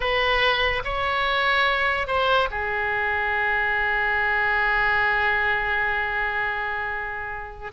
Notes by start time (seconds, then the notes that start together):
0.00 B4
0.84 C#5
2.07 C5
2.50 G#4